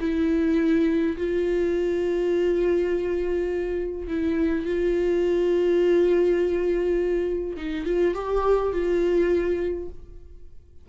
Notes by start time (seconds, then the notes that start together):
0.00 E4
1.17 F4
4.08 E4
4.66 F4
7.57 D#4
7.86 F4
8.15 G4
8.73 F4